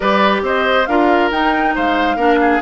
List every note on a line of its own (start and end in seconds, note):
0.00 0.42 G3
0.00 0.85 G4
0.00 0.41 B4
0.00 0.42 D5
0.42 0.86 C4
0.42 0.88 C5
0.42 0.86 D#5
0.86 1.31 D4
0.86 1.32 F4
0.86 1.75 A#4
0.86 1.29 F5
1.31 1.74 D#4
1.31 2.18 D#4
1.31 1.75 G5
1.75 2.16 G#3
1.75 2.16 C5
1.75 2.61 F5
2.16 2.59 A#3
2.16 2.61 D4
2.16 2.38 A#4
2.41 2.61 G#4